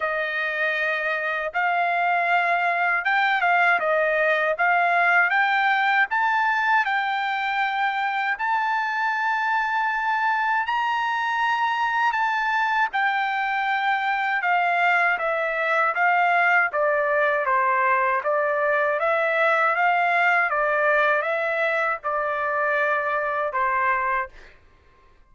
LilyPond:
\new Staff \with { instrumentName = "trumpet" } { \time 4/4 \tempo 4 = 79 dis''2 f''2 | g''8 f''8 dis''4 f''4 g''4 | a''4 g''2 a''4~ | a''2 ais''2 |
a''4 g''2 f''4 | e''4 f''4 d''4 c''4 | d''4 e''4 f''4 d''4 | e''4 d''2 c''4 | }